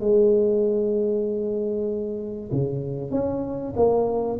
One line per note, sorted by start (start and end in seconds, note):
0.00 2.50 G#3
2.52 3.11 C#3
3.11 3.74 C#4
3.76 4.39 A#3